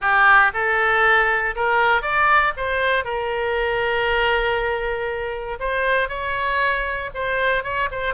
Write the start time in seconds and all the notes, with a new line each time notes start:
0.01 G4
0.53 A4
1.55 A#4
2.02 D5
2.57 C5
3.04 A#4
5.59 C5
6.08 C#5
7.14 C5
7.63 C#5
7.91 C5